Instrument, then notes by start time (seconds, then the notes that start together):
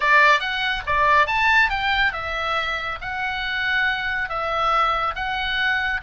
oboe
0.00 D5
0.40 F#5
0.86 D5
1.26 A5
1.69 G5
2.13 E5
3.01 F#5
4.29 E5
5.15 F#5